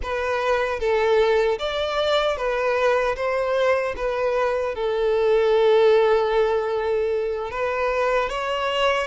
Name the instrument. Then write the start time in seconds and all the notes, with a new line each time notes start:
violin
0.03 B4
0.79 A4
1.58 D5
2.36 B4
3.16 C5
3.96 B4
4.74 A4
7.50 B4
8.29 C#5